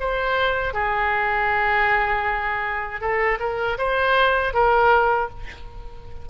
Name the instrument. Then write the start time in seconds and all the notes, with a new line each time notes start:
oboe
0.00 C5
0.74 G#4
3.00 A4
3.39 A#4
3.78 C5
4.53 A#4